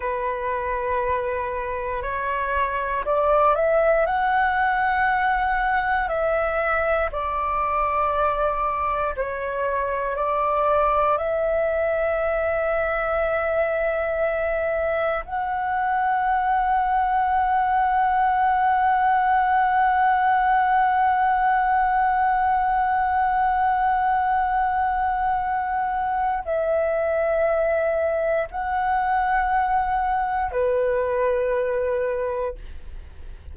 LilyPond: \new Staff \with { instrumentName = "flute" } { \time 4/4 \tempo 4 = 59 b'2 cis''4 d''8 e''8 | fis''2 e''4 d''4~ | d''4 cis''4 d''4 e''4~ | e''2. fis''4~ |
fis''1~ | fis''1~ | fis''2 e''2 | fis''2 b'2 | }